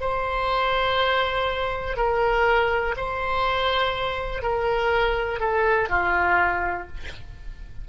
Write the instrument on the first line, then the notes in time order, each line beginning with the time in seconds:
oboe
0.00 C5
1.97 A#4
2.97 C5
4.42 A#4
5.40 A4
5.89 F4